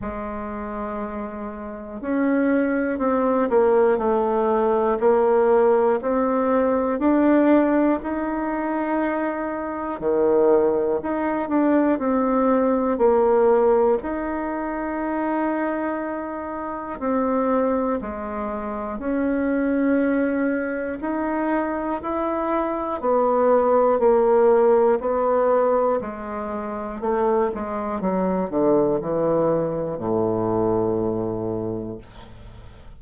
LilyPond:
\new Staff \with { instrumentName = "bassoon" } { \time 4/4 \tempo 4 = 60 gis2 cis'4 c'8 ais8 | a4 ais4 c'4 d'4 | dis'2 dis4 dis'8 d'8 | c'4 ais4 dis'2~ |
dis'4 c'4 gis4 cis'4~ | cis'4 dis'4 e'4 b4 | ais4 b4 gis4 a8 gis8 | fis8 d8 e4 a,2 | }